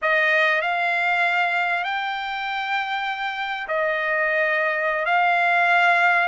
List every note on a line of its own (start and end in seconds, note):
0.02 0.61 D#5
0.61 1.83 F5
1.83 3.67 G5
3.68 5.05 D#5
5.05 6.28 F5